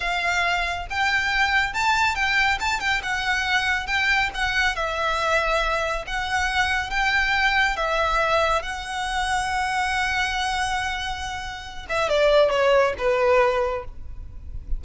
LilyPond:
\new Staff \with { instrumentName = "violin" } { \time 4/4 \tempo 4 = 139 f''2 g''2 | a''4 g''4 a''8 g''8 fis''4~ | fis''4 g''4 fis''4 e''4~ | e''2 fis''2 |
g''2 e''2 | fis''1~ | fis''2.~ fis''8 e''8 | d''4 cis''4 b'2 | }